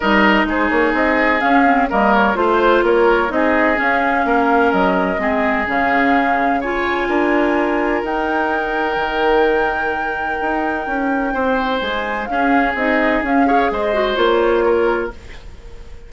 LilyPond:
<<
  \new Staff \with { instrumentName = "flute" } { \time 4/4 \tempo 4 = 127 dis''4 c''8 cis''8 dis''4 f''4 | dis''8 cis''8 c''4 cis''4 dis''4 | f''2 dis''2 | f''2 gis''2~ |
gis''4 g''2.~ | g''1~ | g''4 gis''4 f''4 dis''4 | f''4 dis''4 cis''2 | }
  \new Staff \with { instrumentName = "oboe" } { \time 4/4 ais'4 gis'2. | ais'4 c''4 ais'4 gis'4~ | gis'4 ais'2 gis'4~ | gis'2 cis''4 ais'4~ |
ais'1~ | ais'1 | c''2 gis'2~ | gis'8 cis''8 c''2 ais'4 | }
  \new Staff \with { instrumentName = "clarinet" } { \time 4/4 dis'2. cis'8 c'8 | ais4 f'2 dis'4 | cis'2. c'4 | cis'2 f'2~ |
f'4 dis'2.~ | dis'1~ | dis'2 cis'4 dis'4 | cis'8 gis'4 fis'8 f'2 | }
  \new Staff \with { instrumentName = "bassoon" } { \time 4/4 g4 gis8 ais8 c'4 cis'4 | g4 a4 ais4 c'4 | cis'4 ais4 fis4 gis4 | cis2. d'4~ |
d'4 dis'2 dis4~ | dis2 dis'4 cis'4 | c'4 gis4 cis'4 c'4 | cis'4 gis4 ais2 | }
>>